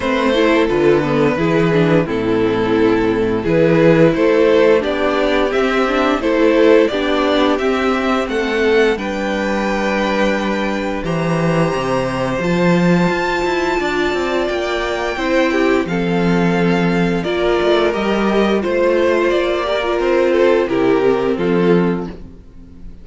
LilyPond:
<<
  \new Staff \with { instrumentName = "violin" } { \time 4/4 \tempo 4 = 87 c''4 b'2 a'4~ | a'4 b'4 c''4 d''4 | e''4 c''4 d''4 e''4 | fis''4 g''2. |
ais''2 a''2~ | a''4 g''2 f''4~ | f''4 d''4 dis''4 c''4 | d''4 c''4 ais'4 a'4 | }
  \new Staff \with { instrumentName = "violin" } { \time 4/4 b'8 a'4. gis'4 e'4~ | e'4 gis'4 a'4 g'4~ | g'4 a'4 g'2 | a'4 b'2. |
c''1 | d''2 c''8 g'8 a'4~ | a'4 ais'2 c''4~ | c''8 ais'4 a'8 g'4 f'4 | }
  \new Staff \with { instrumentName = "viola" } { \time 4/4 c'8 e'8 f'8 b8 e'8 d'8 c'4~ | c'4 e'2 d'4 | c'8 d'8 e'4 d'4 c'4~ | c'4 d'2. |
g'2 f'2~ | f'2 e'4 c'4~ | c'4 f'4 g'4 f'4~ | f'8 g'16 f'4~ f'16 e'8 c'4. | }
  \new Staff \with { instrumentName = "cello" } { \time 4/4 a4 d4 e4 a,4~ | a,4 e4 a4 b4 | c'4 a4 b4 c'4 | a4 g2. |
e4 c4 f4 f'8 e'8 | d'8 c'8 ais4 c'4 f4~ | f4 ais8 a8 g4 a4 | ais4 c'4 c4 f4 | }
>>